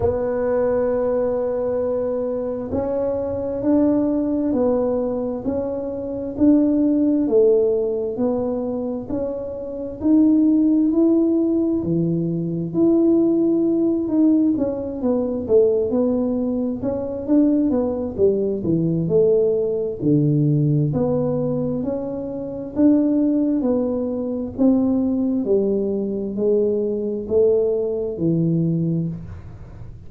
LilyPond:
\new Staff \with { instrumentName = "tuba" } { \time 4/4 \tempo 4 = 66 b2. cis'4 | d'4 b4 cis'4 d'4 | a4 b4 cis'4 dis'4 | e'4 e4 e'4. dis'8 |
cis'8 b8 a8 b4 cis'8 d'8 b8 | g8 e8 a4 d4 b4 | cis'4 d'4 b4 c'4 | g4 gis4 a4 e4 | }